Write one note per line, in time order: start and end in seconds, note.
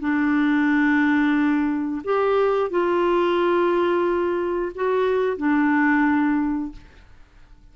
0.00 2.02 D4
2.05 2.71 G4
2.71 4.73 F4
4.76 5.37 F#4
5.37 6.72 D4